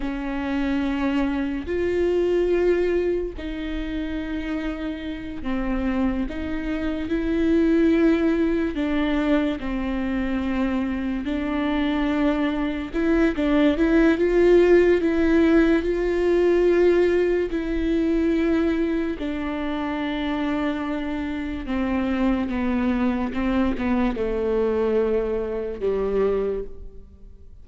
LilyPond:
\new Staff \with { instrumentName = "viola" } { \time 4/4 \tempo 4 = 72 cis'2 f'2 | dis'2~ dis'8 c'4 dis'8~ | dis'8 e'2 d'4 c'8~ | c'4. d'2 e'8 |
d'8 e'8 f'4 e'4 f'4~ | f'4 e'2 d'4~ | d'2 c'4 b4 | c'8 b8 a2 g4 | }